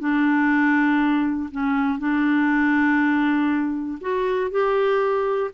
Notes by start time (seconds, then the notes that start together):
0.00 D4
1.52 C#4
1.99 D4
4.01 F#4
4.51 G4